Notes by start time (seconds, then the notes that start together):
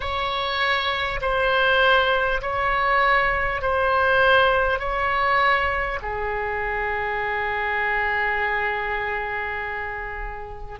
0.00 C#5
1.21 C5
2.41 C#5
3.61 C5
4.79 C#5
6.02 G#4